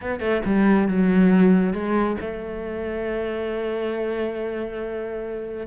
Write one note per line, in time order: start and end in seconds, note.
0.01 0.20 B3
0.20 0.41 A3
0.45 0.87 G3
0.87 1.73 F#3
1.73 2.16 G#3
2.21 5.66 A3